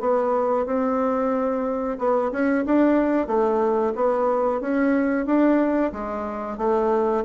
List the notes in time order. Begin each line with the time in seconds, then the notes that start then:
0.00 B3
0.66 C4
1.98 B3
2.32 C#4
2.66 D4
3.27 A3
3.95 B3
4.61 C#4
5.26 D4
5.93 G#3
6.58 A3